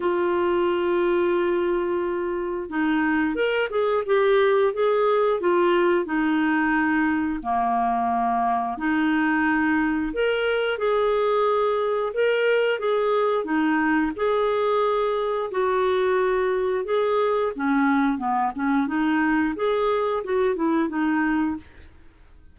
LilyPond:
\new Staff \with { instrumentName = "clarinet" } { \time 4/4 \tempo 4 = 89 f'1 | dis'4 ais'8 gis'8 g'4 gis'4 | f'4 dis'2 ais4~ | ais4 dis'2 ais'4 |
gis'2 ais'4 gis'4 | dis'4 gis'2 fis'4~ | fis'4 gis'4 cis'4 b8 cis'8 | dis'4 gis'4 fis'8 e'8 dis'4 | }